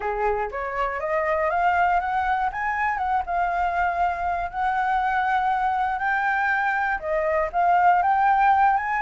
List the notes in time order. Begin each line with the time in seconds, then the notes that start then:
0.00 G#4
0.51 C#5
1.00 D#5
1.50 F5
2.00 F#5
2.52 G#5
2.97 F#5
3.26 F5
4.50 F#5
5.99 G5
6.99 D#5
7.52 F5
8.02 G5
8.77 G#5